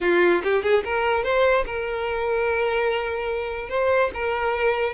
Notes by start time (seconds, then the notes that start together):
0.01 F4
0.43 G4
0.63 G#4
0.84 A#4
1.23 C5
1.66 A#4
3.69 C5
4.14 A#4